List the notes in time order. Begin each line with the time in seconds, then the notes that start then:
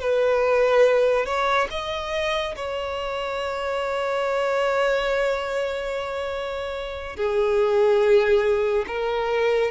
0.00 B4
1.25 C#5
1.70 D#5
2.56 C#5
7.16 G#4
8.87 A#4